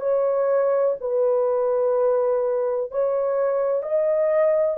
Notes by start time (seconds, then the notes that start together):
0.00 C#5
1.00 B4
2.91 C#5
3.83 D#5